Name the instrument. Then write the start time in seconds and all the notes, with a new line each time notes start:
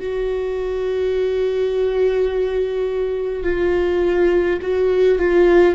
viola
0.00 F#4
3.43 F4
4.62 F#4
5.19 F4